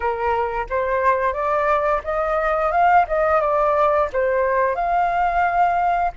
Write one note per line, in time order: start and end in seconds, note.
0.00 0.66 A#4
0.69 1.33 C5
1.33 2.01 D5
2.04 2.71 D#5
2.71 3.05 F5
3.07 3.40 D#5
3.40 4.08 D5
4.12 4.75 C5
4.75 6.11 F5